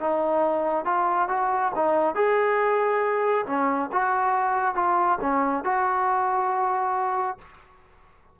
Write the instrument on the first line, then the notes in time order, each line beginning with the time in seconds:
trombone
0.00 D#4
0.85 F4
1.29 F#4
1.75 D#4
2.15 G#4
3.46 C#4
3.92 F#4
4.75 F4
5.21 C#4
5.64 F#4